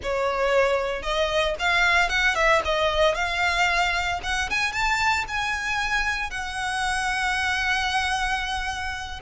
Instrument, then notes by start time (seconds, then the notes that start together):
violin
0.02 C#5
1.02 D#5
1.59 F5
2.09 F#5
2.35 E5
2.65 D#5
3.15 F5
4.23 F#5
4.50 G#5
4.72 A5
5.28 G#5
6.30 F#5